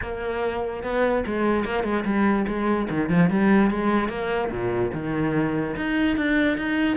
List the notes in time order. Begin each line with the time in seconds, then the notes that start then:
0.01 A#3
0.83 B3
1.26 G#3
1.64 A#3
1.83 G#3
2.04 G3
2.47 G#3
2.89 D#3
3.09 F3
3.30 G3
3.70 G#3
4.09 A#3
4.50 A#2
4.93 D#3
5.76 D#4
6.16 D4
6.57 D#4